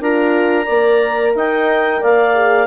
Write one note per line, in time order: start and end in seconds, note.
0.00 0.67 D4
0.00 0.65 F4
0.00 0.65 A#4
0.00 1.36 A#5
0.65 1.35 A#3
0.65 2.32 A#4
0.65 1.32 D5
1.35 2.02 D#4
1.35 2.01 D#5
1.35 2.03 G5
2.01 2.67 A#3
2.01 2.67 D5
2.01 2.67 F5
2.34 2.67 G#4